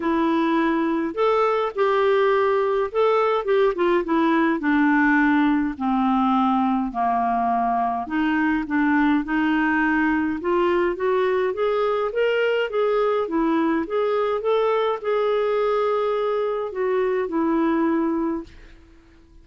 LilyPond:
\new Staff \with { instrumentName = "clarinet" } { \time 4/4 \tempo 4 = 104 e'2 a'4 g'4~ | g'4 a'4 g'8 f'8 e'4 | d'2 c'2 | ais2 dis'4 d'4 |
dis'2 f'4 fis'4 | gis'4 ais'4 gis'4 e'4 | gis'4 a'4 gis'2~ | gis'4 fis'4 e'2 | }